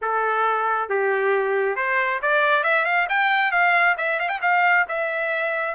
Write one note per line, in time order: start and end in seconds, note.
0.01 0.89 A4
0.89 1.76 G4
1.76 2.20 C5
2.22 2.63 D5
2.63 2.85 E5
2.85 3.07 F5
3.09 3.51 G5
3.51 3.95 F5
3.97 4.19 E5
4.19 4.28 F5
4.28 4.39 G5
4.41 4.85 F5
4.88 5.75 E5